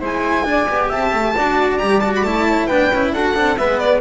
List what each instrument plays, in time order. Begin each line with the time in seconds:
0.00 double bass G#3, cello E4, flute C5, violin G#5
0.44 cello D4, flute D5
0.68 double bass B3, cello G4
0.89 double bass C4, flute E5, violin A5
1.13 double bass A3
1.36 double bass D4, cello F#4, flute D5
1.78 double bass G3, cello G4, violin A#5
2.00 cello F#4, violin A5
2.15 violin B5
2.23 double bass A3, cello E4, violin A5
2.49 flute C#5
2.66 double bass B3, cello D4, flute B4, violin G5
2.92 double bass C#4, cello E4
3.12 double bass D4, cello F#4, flute A4, violin F#5
3.34 double bass C4, cello D4
3.57 double bass G#3, cello B3, flute B4, violin E5
3.78 violin D5